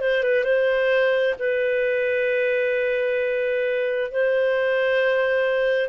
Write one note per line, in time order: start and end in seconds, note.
0.00 0.23 C5
0.23 0.43 B4
0.43 1.34 C5
1.38 4.11 B4
4.11 5.89 C5